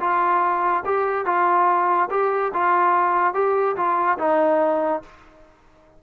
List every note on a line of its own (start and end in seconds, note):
0.00 0.84 F4
0.86 1.26 G4
1.26 2.10 F4
2.11 2.53 G4
2.54 3.34 F4
3.34 3.76 G4
3.76 4.18 F4
4.19 5.03 D#4